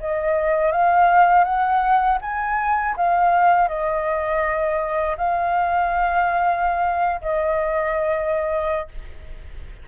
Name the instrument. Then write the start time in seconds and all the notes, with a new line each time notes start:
flute
0.00 D#5
0.72 F5
1.44 F#5
2.22 G#5
2.97 F5
3.68 D#5
5.18 F5
7.22 D#5